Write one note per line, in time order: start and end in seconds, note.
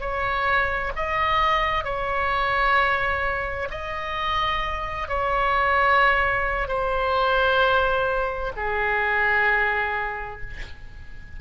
0.00 0.92 C#5
0.96 1.84 D#5
1.84 3.69 C#5
3.71 5.09 D#5
5.09 6.68 C#5
6.68 8.52 C5
8.56 10.41 G#4